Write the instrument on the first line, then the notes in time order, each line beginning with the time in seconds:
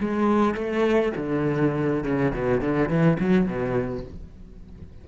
cello
0.00 G#3
0.54 A3
1.16 D3
2.03 C#3
2.34 B2
2.61 D3
2.88 E3
3.19 F#3
3.46 B2